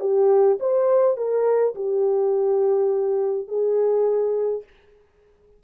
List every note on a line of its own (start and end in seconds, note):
0.00 0.58 G4
0.59 1.17 C5
1.17 1.74 A#4
1.75 3.47 G4
3.47 4.63 G#4